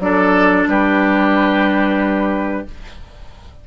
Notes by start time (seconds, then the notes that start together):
0.00 F#3 D4 A4 D5
0.67 G3 G4 B4